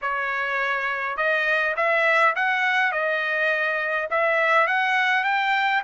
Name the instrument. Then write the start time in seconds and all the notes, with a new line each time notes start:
trumpet
0.01 C#5
1.17 D#5
1.76 E5
2.35 F#5
2.92 D#5
4.10 E5
4.67 F#5
5.24 G5